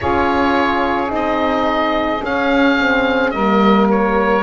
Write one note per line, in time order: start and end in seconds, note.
0.00 1.10 C#4
0.00 1.08 F4
0.00 3.33 G#4
0.00 1.11 C#5
1.08 2.22 C4
1.08 2.19 D#4
1.15 2.24 D#5
2.20 2.76 C#4
2.20 3.33 C#4
2.20 3.31 F5
2.79 3.35 C4
3.31 4.43 G3
3.31 4.43 A#4
3.31 3.86 D#5
3.37 4.43 A#3
3.90 4.43 C#5